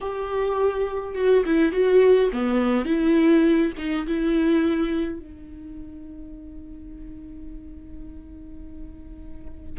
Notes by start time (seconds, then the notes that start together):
0.00 G4
1.14 F#4
1.45 E4
1.72 F#4
2.32 B3
2.85 E4
3.77 D#4
4.06 E4
5.19 D#4